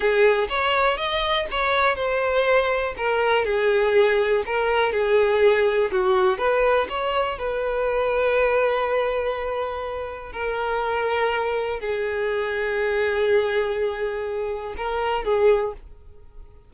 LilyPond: \new Staff \with { instrumentName = "violin" } { \time 4/4 \tempo 4 = 122 gis'4 cis''4 dis''4 cis''4 | c''2 ais'4 gis'4~ | gis'4 ais'4 gis'2 | fis'4 b'4 cis''4 b'4~ |
b'1~ | b'4 ais'2. | gis'1~ | gis'2 ais'4 gis'4 | }